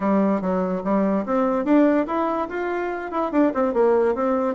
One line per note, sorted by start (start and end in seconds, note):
0.00 0.41 G3
0.41 0.82 F#3
0.84 1.25 G3
1.25 1.65 C4
1.65 2.06 D4
2.06 2.48 E4
2.49 3.11 F4
3.11 3.31 E4
3.31 3.52 D4
3.54 3.73 C4
3.73 4.14 A#3
4.14 4.54 C4